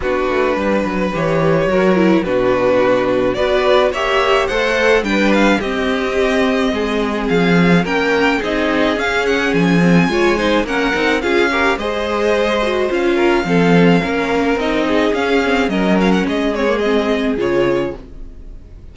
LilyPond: <<
  \new Staff \with { instrumentName = "violin" } { \time 4/4 \tempo 4 = 107 b'2 cis''2 | b'2 d''4 e''4 | fis''4 g''8 f''8 dis''2~ | dis''4 f''4 g''4 dis''4 |
f''8 fis''8 gis''2 fis''4 | f''4 dis''2 f''4~ | f''2 dis''4 f''4 | dis''8 f''16 fis''16 dis''8 cis''8 dis''4 cis''4 | }
  \new Staff \with { instrumentName = "violin" } { \time 4/4 fis'4 b'2 ais'4 | fis'2 b'4 cis''4 | c''4 b'4 g'2 | gis'2 ais'4 gis'4~ |
gis'2 cis''8 c''8 ais'4 | gis'8 ais'8 c''2~ c''8 ais'8 | a'4 ais'4. gis'4. | ais'4 gis'2. | }
  \new Staff \with { instrumentName = "viola" } { \time 4/4 d'2 g'4 fis'8 e'8 | d'2 fis'4 g'4 | a'4 d'4 c'2~ | c'2 cis'4 dis'4 |
cis'4. c'8 f'8 dis'8 cis'8 dis'8 | f'8 g'8 gis'4. fis'8 f'4 | c'4 cis'4 dis'4 cis'8 c'8 | cis'4. c'16 ais16 c'4 f'4 | }
  \new Staff \with { instrumentName = "cello" } { \time 4/4 b8 a8 g8 fis8 e4 fis4 | b,2 b4 ais4 | a4 g4 c'2 | gis4 f4 ais4 c'4 |
cis'4 f4 gis4 ais8 c'8 | cis'4 gis2 cis'4 | f4 ais4 c'4 cis'4 | fis4 gis2 cis4 | }
>>